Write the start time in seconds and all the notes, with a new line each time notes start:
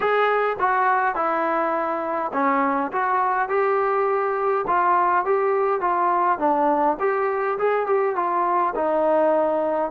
0.00 G#4
0.59 F#4
1.15 E4
2.33 C#4
2.92 F#4
3.48 G4
4.67 F4
5.25 G4
5.80 F4
6.39 D4
6.99 G4
7.58 G#4
7.86 G4
8.15 F4
8.75 D#4